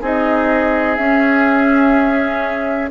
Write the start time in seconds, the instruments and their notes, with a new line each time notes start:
0.00 bassoon C4, clarinet D#4, oboe G#4, flute D#5
0.95 bassoon C#4, clarinet C#4, flute E5